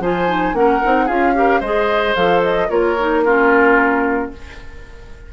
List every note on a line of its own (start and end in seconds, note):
0.00 0.53 F3
0.00 0.28 F4
0.00 0.55 C5
0.00 0.55 G#5
0.28 0.53 D#4
0.53 0.80 A#3
0.53 0.80 C#4
0.53 1.08 F#5
0.59 1.06 A#4
0.84 1.09 C4
0.84 1.08 D#4
1.06 1.61 C#4
1.06 1.34 F4
1.06 1.32 G#4
1.06 1.61 F5
1.34 1.61 G4
1.34 1.60 A#4
1.60 2.14 G#3
1.60 2.16 G#4
1.60 2.67 C5
1.60 2.15 D#5
2.15 2.70 F3
2.15 2.69 A4
2.15 2.42 F5
2.43 2.69 D#5
2.69 4.31 A#3
2.69 2.96 F4
2.69 3.24 A#4
2.69 3.23 C#5
2.99 3.25 D#4
3.24 4.33 C#4
3.24 4.32 F4
3.24 4.31 A#4